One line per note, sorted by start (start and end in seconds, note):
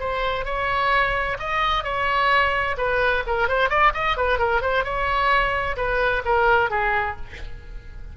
0.00 0.45 C5
0.45 1.38 C#5
1.39 1.84 D#5
1.84 2.76 C#5
2.78 3.24 B4
3.27 3.48 A#4
3.48 3.70 C5
3.70 3.93 D5
3.94 4.17 D#5
4.17 4.39 B4
4.39 4.62 A#4
4.62 4.84 C5
4.84 5.77 C#5
5.77 6.23 B4
6.25 6.70 A#4
6.70 7.16 G#4